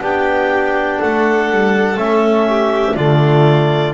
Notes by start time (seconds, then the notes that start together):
0.00 B3 D4 G4 G5
1.00 A3 A4 F#5
1.51 G3
1.97 A3 C#4 E5
2.49 G4
2.95 D3 A3 F4 D5